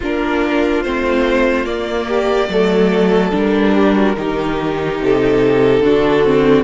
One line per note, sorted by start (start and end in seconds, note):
0.00 0.84 A#3
0.00 0.85 D4
0.00 2.07 F4
0.00 0.82 A#4
0.82 1.66 A3
0.82 1.65 C4
0.82 1.65 C5
1.65 2.48 A#3
1.65 3.32 D5
2.07 2.49 G4
2.48 3.32 F#3
2.48 3.31 A3
2.48 3.74 A4
3.31 4.16 G3
3.31 4.14 D4
3.31 5.03 A#4
3.74 3.95 G4
3.95 4.16 F#4
4.16 4.99 D#3
4.16 5.83 D#4
4.16 5.84 G4
5.01 5.81 C3
5.01 6.64 A4
5.81 6.64 D3
5.81 6.24 D4
5.81 6.64 F#4
6.24 6.64 C4